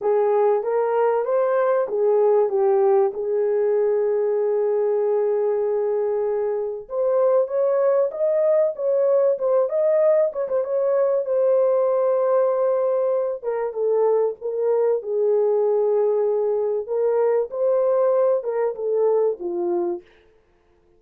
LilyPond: \new Staff \with { instrumentName = "horn" } { \time 4/4 \tempo 4 = 96 gis'4 ais'4 c''4 gis'4 | g'4 gis'2.~ | gis'2. c''4 | cis''4 dis''4 cis''4 c''8 dis''8~ |
dis''8 cis''16 c''16 cis''4 c''2~ | c''4. ais'8 a'4 ais'4 | gis'2. ais'4 | c''4. ais'8 a'4 f'4 | }